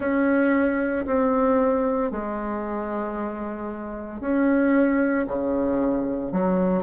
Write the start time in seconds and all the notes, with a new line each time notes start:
0.00 C#4
1.06 C4
2.11 G#3
4.20 C#4
5.26 C#3
6.32 F#3